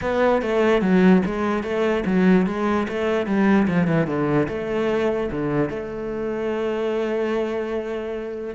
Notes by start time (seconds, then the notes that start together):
0.01 B3
0.42 A3
0.81 F#3
1.25 G#3
1.63 A3
2.05 F#3
2.46 G#3
2.88 A3
3.26 G3
3.67 F3
3.87 E3
4.06 D3
4.48 A3
5.31 D3
5.69 A3